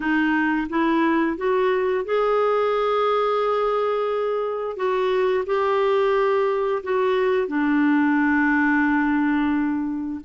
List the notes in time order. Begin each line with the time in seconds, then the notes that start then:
0.00 D#4
0.68 E4
1.37 F#4
2.04 G#4
4.76 F#4
5.45 G4
6.83 F#4
7.47 D4